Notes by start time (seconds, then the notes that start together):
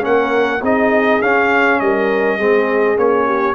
0.00 A#3 C#4 A#4 F#5
0.61 C4 D#4 G#4 D#5
1.21 C#4 F5
1.79 G3 A#4 D#5
2.37 G#3 C4 G#4
2.96 A#3 C#4 C#5
3.25 G4